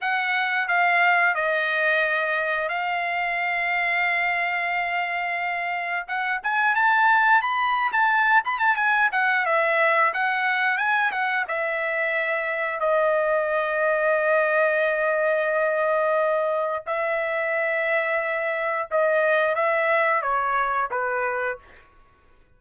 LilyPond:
\new Staff \with { instrumentName = "trumpet" } { \time 4/4 \tempo 4 = 89 fis''4 f''4 dis''2 | f''1~ | f''4 fis''8 gis''8 a''4 b''8. a''16~ | a''8 b''16 a''16 gis''8 fis''8 e''4 fis''4 |
gis''8 fis''8 e''2 dis''4~ | dis''1~ | dis''4 e''2. | dis''4 e''4 cis''4 b'4 | }